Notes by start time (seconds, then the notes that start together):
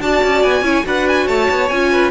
0.00 D4 F#4 D5 A5
0.23 C#4
0.43 B3 G#5
0.61 C#4 E4 C#5
0.84 D4 F#4 B4 F#5
1.08 G#5
1.27 A3 C#5 A5
1.50 B3
1.69 C#4 F4 G#5
1.91 B4